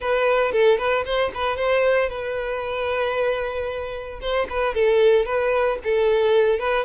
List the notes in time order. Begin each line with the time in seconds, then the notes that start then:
0.00 B4
0.52 A4
0.78 B4
1.05 C5
1.34 B4
1.56 C5
2.09 B4
4.21 C5
4.49 B4
4.74 A4
5.25 B4
5.83 A4
6.59 B4